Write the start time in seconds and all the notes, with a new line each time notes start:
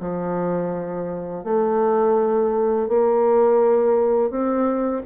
0.00 F3
1.44 A3
2.88 A#3
4.30 C4